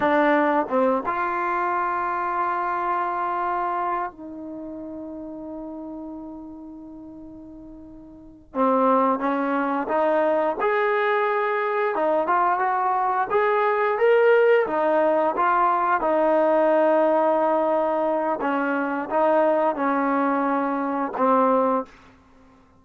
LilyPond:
\new Staff \with { instrumentName = "trombone" } { \time 4/4 \tempo 4 = 88 d'4 c'8 f'2~ f'8~ | f'2 dis'2~ | dis'1~ | dis'8 c'4 cis'4 dis'4 gis'8~ |
gis'4. dis'8 f'8 fis'4 gis'8~ | gis'8 ais'4 dis'4 f'4 dis'8~ | dis'2. cis'4 | dis'4 cis'2 c'4 | }